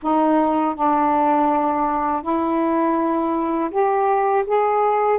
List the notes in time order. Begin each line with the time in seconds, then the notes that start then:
0.02 D#4
0.75 D4
2.22 E4
3.70 G4
4.46 G#4